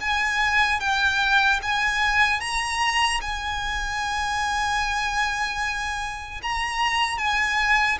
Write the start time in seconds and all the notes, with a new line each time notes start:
0.00 G#5
0.80 G5
1.62 G#5
2.40 A#5
3.21 G#5
6.42 A#5
7.18 G#5